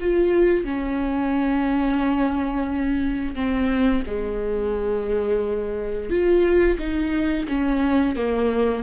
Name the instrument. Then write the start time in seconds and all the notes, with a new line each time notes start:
viola
0.00 F4
0.64 C#4
3.35 C4
4.06 G#3
6.10 F4
6.79 D#4
7.48 C#4
8.16 A#3